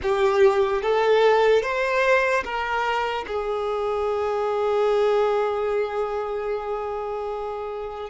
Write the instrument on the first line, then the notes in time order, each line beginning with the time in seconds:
violin
0.02 G4
0.81 A4
1.62 C5
2.44 A#4
3.27 G#4